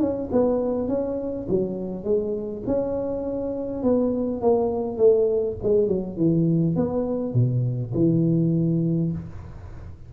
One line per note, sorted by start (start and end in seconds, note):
0.00 0.29 C#4
0.32 0.88 B3
0.88 1.47 C#4
1.49 2.04 F#3
2.04 2.63 G#3
2.67 3.83 C#4
3.83 4.41 B3
4.41 4.98 A#3
4.98 5.56 A3
5.63 5.88 G#3
5.88 6.17 F#3
6.17 6.76 E3
6.76 7.34 B3
7.34 7.93 B2
7.94 9.12 E3